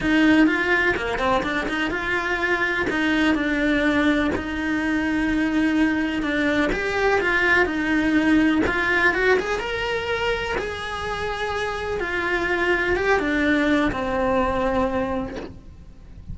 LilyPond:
\new Staff \with { instrumentName = "cello" } { \time 4/4 \tempo 4 = 125 dis'4 f'4 ais8 c'8 d'8 dis'8 | f'2 dis'4 d'4~ | d'4 dis'2.~ | dis'4 d'4 g'4 f'4 |
dis'2 f'4 fis'8 gis'8 | ais'2 gis'2~ | gis'4 f'2 g'8 d'8~ | d'4 c'2. | }